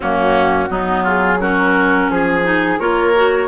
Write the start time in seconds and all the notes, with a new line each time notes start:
0.00 F#2 A#3 C#4 F#4
0.68 F#3 B3 D#4
1.03 F4 G#4
1.40 C#4 F#4 A#4
2.09 F3 G#4
2.43 D#4
2.79 A#3 F4 A#4 C#5
3.15 F#4